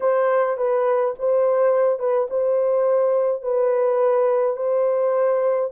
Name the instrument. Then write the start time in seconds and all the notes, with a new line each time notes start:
horn
0.00 C5
0.57 B4
1.18 C5
1.99 B4
2.30 C5
3.42 B4
4.56 C5